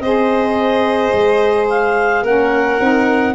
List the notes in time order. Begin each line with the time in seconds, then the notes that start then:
0.00 C4 G#4 C5 D#5
1.13 G#3
1.70 F5
2.23 A#3 C#4 A#4 F#5
2.80 C4 D#4